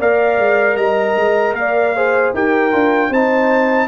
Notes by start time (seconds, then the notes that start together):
0.00 A#3 A#4 D5 F5
0.38 G#3
0.76 G3 D#5 A#5
1.16 G#3
1.54 A#3 D5 F5
1.96 G#4 C5
2.34 D#4 G4 A#4 G5
2.72 D4 F4
3.10 C4 D#4 C5 A5